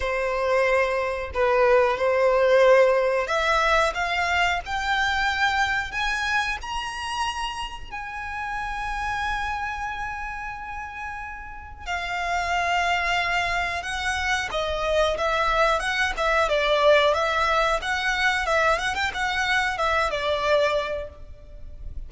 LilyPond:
\new Staff \with { instrumentName = "violin" } { \time 4/4 \tempo 4 = 91 c''2 b'4 c''4~ | c''4 e''4 f''4 g''4~ | g''4 gis''4 ais''2 | gis''1~ |
gis''2 f''2~ | f''4 fis''4 dis''4 e''4 | fis''8 e''8 d''4 e''4 fis''4 | e''8 fis''16 g''16 fis''4 e''8 d''4. | }